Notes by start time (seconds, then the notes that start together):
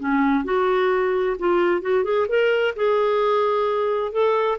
0.00 C#4
0.45 F#4
1.39 F4
1.82 F#4
2.04 G#4
2.29 A#4
2.77 G#4
4.12 A4